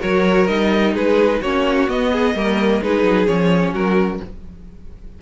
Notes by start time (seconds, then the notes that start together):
0.00 F#3 F#4 A#4 C#5
0.47 G3 D#4 D#5
0.93 G#3 G#4 B4
1.41 A#3 C#4 F#4 C#5
1.88 B3 D#5
2.12 G#4
2.35 G3 A#3 A#4
2.82 G#3 D#4 G#4 B4
3.04 F#3
3.27 F3 C#4 C#5
3.73 F#3 F#4 A#4